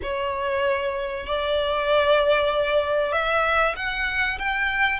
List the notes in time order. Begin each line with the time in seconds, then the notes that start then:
0.02 C#5
1.26 D5
3.12 E5
3.76 F#5
4.38 G5